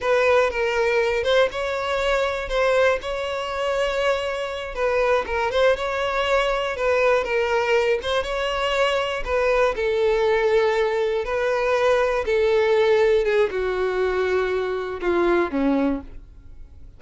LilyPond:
\new Staff \with { instrumentName = "violin" } { \time 4/4 \tempo 4 = 120 b'4 ais'4. c''8 cis''4~ | cis''4 c''4 cis''2~ | cis''4. b'4 ais'8 c''8 cis''8~ | cis''4. b'4 ais'4. |
c''8 cis''2 b'4 a'8~ | a'2~ a'8 b'4.~ | b'8 a'2 gis'8 fis'4~ | fis'2 f'4 cis'4 | }